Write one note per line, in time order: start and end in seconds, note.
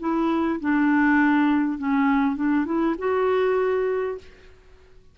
0.00 0.60 E4
0.61 1.79 D4
1.79 2.36 C#4
2.36 2.66 D4
2.66 2.96 E4
2.98 4.18 F#4